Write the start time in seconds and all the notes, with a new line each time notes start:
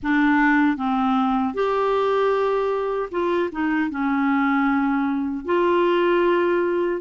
0.02 D4
0.77 C4
1.53 G4
3.11 F4
3.51 D#4
3.90 C#4
5.45 F4